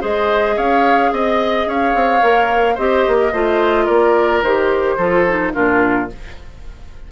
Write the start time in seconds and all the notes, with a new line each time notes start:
0.00 G#3 G#4 C5 D#5
0.56 C#4 C#5 F5
1.11 C4 D#5
1.66 C#4 C#5 F5
1.94 C4
2.21 A#3 A#4
2.74 C4 G4 C5 D#5
3.07 A#3
3.19 A#4
3.32 A3 F4 C5
3.84 A#3 A#4 D5
4.42 D#3 G4 C5
4.97 F3 F4 A4
5.27 D#4
5.52 A#2 D4 F4 A#4